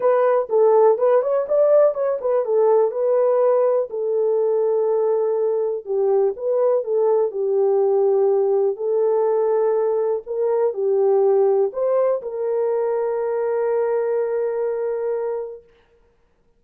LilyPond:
\new Staff \with { instrumentName = "horn" } { \time 4/4 \tempo 4 = 123 b'4 a'4 b'8 cis''8 d''4 | cis''8 b'8 a'4 b'2 | a'1 | g'4 b'4 a'4 g'4~ |
g'2 a'2~ | a'4 ais'4 g'2 | c''4 ais'2.~ | ais'1 | }